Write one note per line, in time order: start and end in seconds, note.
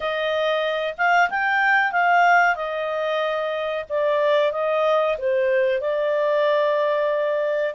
0.00 0.94 D#5
0.97 1.29 F5
1.30 1.91 G5
1.91 2.55 F5
2.55 3.84 D#5
3.89 4.52 D5
4.52 5.16 D#5
5.18 5.80 C5
5.80 7.74 D5